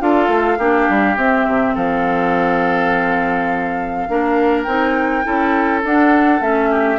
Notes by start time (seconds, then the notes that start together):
0.00 D4 F4 A4 F5
0.28 A3
0.59 A#3 D4 G4
0.89 G3
1.17 C4 E5
1.47 C3
1.75 F3 A4 F5
4.09 A#3 D4 A#4
4.64 C4 D#4 G5
5.24 C#4 E4 A4
5.84 D4 F#5
6.41 A3 C#4 E5
6.71 G4